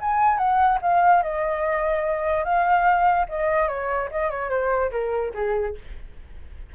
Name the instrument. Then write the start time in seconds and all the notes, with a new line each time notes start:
flute
0.00 G#5
0.37 F#5
0.81 F5
1.22 D#5
2.44 F5
3.28 D#5
3.68 C#5
4.11 D#5
4.30 C#5
4.49 C5
4.91 A#4
5.34 G#4